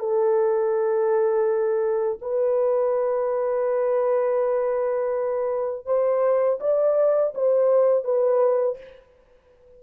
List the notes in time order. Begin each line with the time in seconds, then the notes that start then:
0.00 A4
2.22 B4
5.86 C5
6.61 D5
7.35 C5
8.05 B4